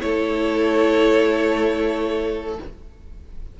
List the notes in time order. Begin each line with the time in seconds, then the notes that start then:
0.00 A3 E4 A4 C#5